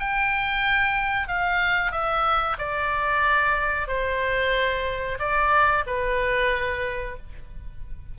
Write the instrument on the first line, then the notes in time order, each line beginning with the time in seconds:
oboe
0.00 G5
1.28 F5
1.92 E5
2.59 D5
3.88 C5
5.20 D5
5.87 B4